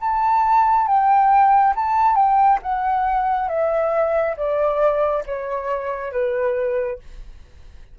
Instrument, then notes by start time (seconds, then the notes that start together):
flute
0.00 A5
0.87 G5
1.75 A5
2.15 G5
2.62 F#5
3.48 E5
4.36 D5
5.26 C#5
6.12 B4